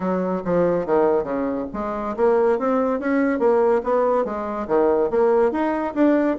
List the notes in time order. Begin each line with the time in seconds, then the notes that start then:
0.00 F#3
0.44 F3
0.86 D#3
1.23 C#3
1.73 G#3
2.16 A#3
2.59 C4
2.99 C#4
3.39 A#3
3.83 B3
4.24 G#3
4.67 D#3
5.10 A#3
5.51 D#4
5.94 D4